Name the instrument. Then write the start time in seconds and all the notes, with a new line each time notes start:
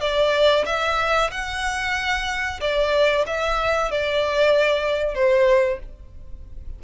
violin
0.00 D5
0.65 E5
1.30 F#5
2.60 D5
3.26 E5
3.91 D5
5.14 C5